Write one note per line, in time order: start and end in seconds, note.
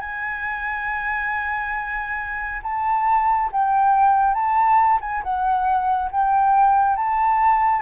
0.00 2.61 G#5
2.62 3.49 A5
3.52 4.34 G5
4.34 4.99 A5
5.01 5.23 G#5
5.23 6.10 F#5
6.11 6.96 G5
6.96 7.82 A5